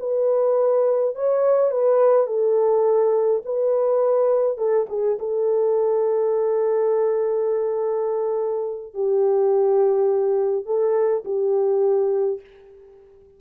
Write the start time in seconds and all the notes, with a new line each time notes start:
0.00 B4
1.15 C#5
1.71 B4
2.27 A4
3.46 B4
4.58 A4
4.90 G#4
5.19 A4
8.94 G4
10.66 A4
11.25 G4